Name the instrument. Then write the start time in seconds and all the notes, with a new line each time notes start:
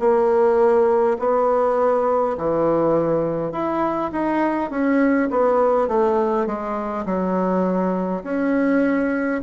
bassoon
0.00 A#3
1.19 B3
2.38 E3
3.52 E4
4.12 D#4
4.71 C#4
5.31 B3
5.88 A3
6.47 G#3
7.06 F#3
8.24 C#4